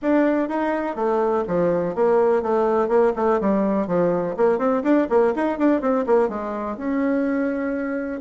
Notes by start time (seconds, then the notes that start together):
0.01 D4
0.48 D#4
0.95 A3
1.47 F3
1.95 A#3
2.42 A3
2.88 A#3
3.16 A3
3.40 G3
3.87 F3
4.36 A#3
4.58 C4
4.83 D4
5.09 A#3
5.35 D#4
5.58 D4
5.81 C4
6.06 A#3
6.28 G#3
6.77 C#4